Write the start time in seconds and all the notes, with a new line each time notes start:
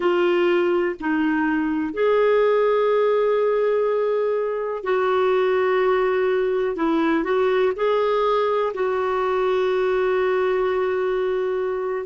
0.00 F4
1.00 D#4
1.93 G#4
4.83 F#4
6.75 E4
7.24 F#4
7.76 G#4
8.74 F#4